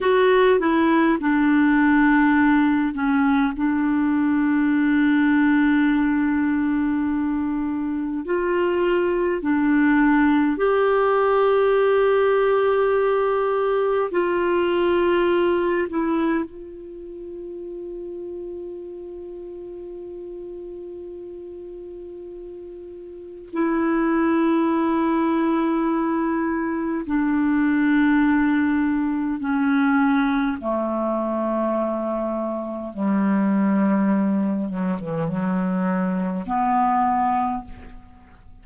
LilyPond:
\new Staff \with { instrumentName = "clarinet" } { \time 4/4 \tempo 4 = 51 fis'8 e'8 d'4. cis'8 d'4~ | d'2. f'4 | d'4 g'2. | f'4. e'8 f'2~ |
f'1 | e'2. d'4~ | d'4 cis'4 a2 | g4. fis16 e16 fis4 b4 | }